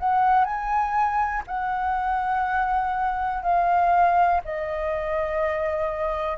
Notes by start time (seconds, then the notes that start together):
0.00 F#5
0.45 G#5
1.48 F#5
3.43 F5
4.45 D#5